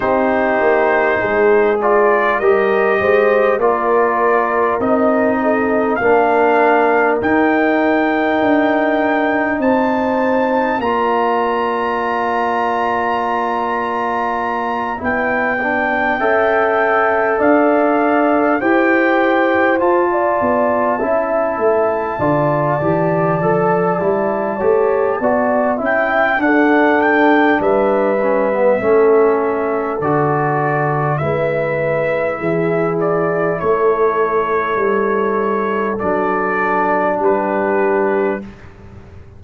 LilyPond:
<<
  \new Staff \with { instrumentName = "trumpet" } { \time 4/4 \tempo 4 = 50 c''4. d''8 dis''4 d''4 | dis''4 f''4 g''2 | a''4 ais''2.~ | ais''8 g''2 f''4 g''8~ |
g''8 a''2.~ a''8~ | a''4. g''8 fis''8 g''8 e''4~ | e''4 d''4 e''4. d''8 | cis''2 d''4 b'4 | }
  \new Staff \with { instrumentName = "horn" } { \time 4/4 g'4 gis'4 ais'8 c''8 ais'4~ | ais'8 a'8 ais'2. | c''4 d''2.~ | d''4. e''4 d''4 c''8~ |
c''8. d''8. e''4 d''4.~ | d''8 cis''8 d''8 e''8 a'4 b'4 | a'2 b'4 gis'4 | a'2. g'4 | }
  \new Staff \with { instrumentName = "trombone" } { \time 4/4 dis'4. f'8 g'4 f'4 | dis'4 d'4 dis'2~ | dis'4 f'2.~ | f'8 e'8 d'8 a'2 g'8~ |
g'8 f'4 e'4 f'8 g'8 a'8 | e'8 g'8 fis'8 e'8 d'4. cis'16 b16 | cis'4 fis'4 e'2~ | e'2 d'2 | }
  \new Staff \with { instrumentName = "tuba" } { \time 4/4 c'8 ais8 gis4 g8 gis8 ais4 | c'4 ais4 dis'4 d'4 | c'4 ais2.~ | ais8 b4 cis'4 d'4 e'8~ |
e'8 f'8 b8 cis'8 a8 d8 e8 f8 | g8 a8 b8 cis'8 d'4 g4 | a4 d4 gis4 e4 | a4 g4 fis4 g4 | }
>>